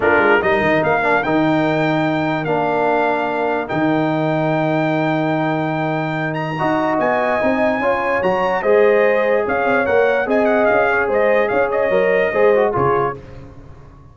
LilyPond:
<<
  \new Staff \with { instrumentName = "trumpet" } { \time 4/4 \tempo 4 = 146 ais'4 dis''4 f''4 g''4~ | g''2 f''2~ | f''4 g''2.~ | g''2.~ g''8 ais''8~ |
ais''4 gis''2. | ais''4 dis''2 f''4 | fis''4 gis''8 fis''8 f''4 dis''4 | f''8 dis''2~ dis''8 cis''4 | }
  \new Staff \with { instrumentName = "horn" } { \time 4/4 f'4 ais'2.~ | ais'1~ | ais'1~ | ais'1 |
dis''2. cis''4~ | cis''4 c''2 cis''4~ | cis''4 dis''4. cis''8 c''4 | cis''2 c''4 gis'4 | }
  \new Staff \with { instrumentName = "trombone" } { \time 4/4 d'4 dis'4. d'8 dis'4~ | dis'2 d'2~ | d'4 dis'2.~ | dis'1 |
fis'2 dis'4 f'4 | fis'4 gis'2. | ais'4 gis'2.~ | gis'4 ais'4 gis'8 fis'8 f'4 | }
  \new Staff \with { instrumentName = "tuba" } { \time 4/4 ais8 gis8 g8 dis8 ais4 dis4~ | dis2 ais2~ | ais4 dis2.~ | dis1 |
dis'4 b4 c'4 cis'4 | fis4 gis2 cis'8 c'8 | ais4 c'4 cis'4 gis4 | cis'4 fis4 gis4 cis4 | }
>>